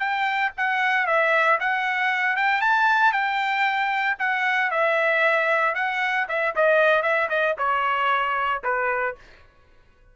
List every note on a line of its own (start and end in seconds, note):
0.00 0.52 G5
0.58 1.07 F#5
1.07 1.59 E5
1.61 2.37 F#5
2.37 2.62 G5
2.62 3.13 A5
3.13 4.17 G5
4.20 4.71 F#5
4.71 5.75 E5
5.75 6.28 F#5
6.29 6.55 E5
6.56 7.03 D#5
7.03 7.29 E5
7.30 7.56 D#5
7.58 8.63 C#5
8.64 9.16 B4